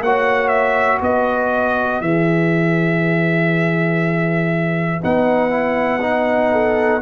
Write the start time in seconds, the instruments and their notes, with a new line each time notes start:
0.00 tuba A#3, trombone F#4, horn C#5, trumpet F#5
0.48 trumpet E5
1.01 tuba B3, horn B4, trumpet D#5
2.01 tuba E3, trombone G#4, trumpet E5
5.01 tuba B3, trombone D#4, trumpet F#5
5.50 trombone E4
6.01 trombone D#4
6.51 horn A4